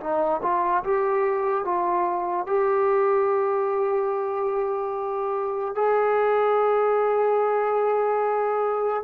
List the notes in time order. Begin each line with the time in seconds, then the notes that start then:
0.00 D#4
0.43 F4
0.84 G4
1.64 F4
2.47 G4
5.75 G#4